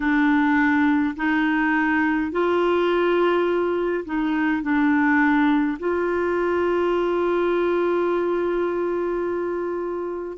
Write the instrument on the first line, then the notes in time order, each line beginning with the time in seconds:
clarinet
0.00 D4
1.16 D#4
2.31 F4
4.05 D#4
4.62 D4
5.79 F4